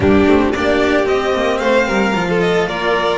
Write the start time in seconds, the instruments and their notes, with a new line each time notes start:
0.00 double bass G3, cello A#3, violin D4 G4
0.27 double bass A3, cello C4
0.52 double bass A#3, cello D4, violin G4 D5
1.05 cello C4, double bass C4, violin D#5
1.33 double bass A#3
1.58 double bass A3, violin C5 F5
1.87 double bass G3, violin A#4
2.14 double bass F3, cello F4
2.29 violin A4
2.40 violin D#5
2.67 double bass A#3, violin A#4 D5